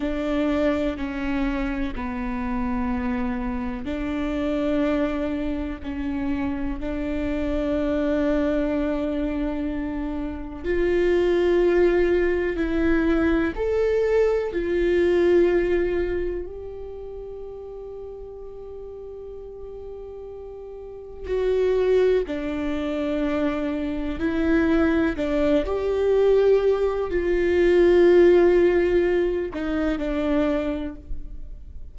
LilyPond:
\new Staff \with { instrumentName = "viola" } { \time 4/4 \tempo 4 = 62 d'4 cis'4 b2 | d'2 cis'4 d'4~ | d'2. f'4~ | f'4 e'4 a'4 f'4~ |
f'4 g'2.~ | g'2 fis'4 d'4~ | d'4 e'4 d'8 g'4. | f'2~ f'8 dis'8 d'4 | }